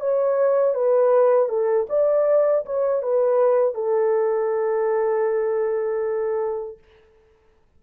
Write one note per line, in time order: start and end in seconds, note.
0.00 0.74 C#5
0.74 1.48 B4
1.48 1.86 A4
1.89 2.65 D5
2.65 3.02 C#5
3.02 3.74 B4
3.74 6.78 A4